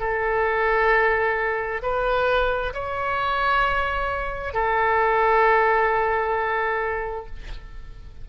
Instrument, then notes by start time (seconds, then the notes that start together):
oboe
0.00 A4
1.82 B4
2.74 C#5
4.54 A4